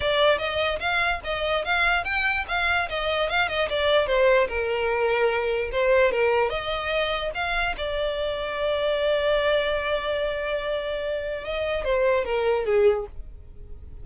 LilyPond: \new Staff \with { instrumentName = "violin" } { \time 4/4 \tempo 4 = 147 d''4 dis''4 f''4 dis''4 | f''4 g''4 f''4 dis''4 | f''8 dis''8 d''4 c''4 ais'4~ | ais'2 c''4 ais'4 |
dis''2 f''4 d''4~ | d''1~ | d''1 | dis''4 c''4 ais'4 gis'4 | }